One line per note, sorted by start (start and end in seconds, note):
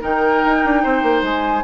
0.00 0.43 D#3
0.00 1.61 D#4
0.00 0.81 A#4
0.00 1.23 G5
0.44 0.65 D#4
0.65 0.85 D4
0.83 1.03 C4
0.83 1.63 C5
1.03 1.22 A#3
1.22 1.62 G#3
1.22 1.63 G#5